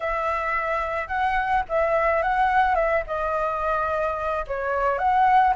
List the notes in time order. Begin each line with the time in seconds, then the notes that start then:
0.00 E5
1.07 F#5
1.68 E5
2.22 F#5
2.75 E5
3.06 D#5
4.47 C#5
4.98 F#5